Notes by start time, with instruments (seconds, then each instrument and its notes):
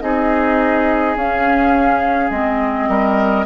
0.00 bassoon C4, clarinet D#4, oboe G#4, flute D#5
1.15 bassoon C#4, clarinet C#4, flute F5
2.30 bassoon G#3, clarinet C4, flute D#5
2.88 bassoon G3, oboe A#4